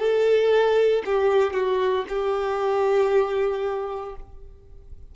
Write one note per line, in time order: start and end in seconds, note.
0.00 1.03 A4
1.06 1.54 G4
1.54 2.05 F#4
2.09 4.16 G4